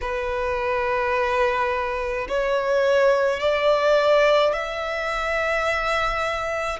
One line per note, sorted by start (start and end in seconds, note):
0.01 2.27 B4
2.28 3.40 C#5
3.40 4.53 D5
4.53 6.79 E5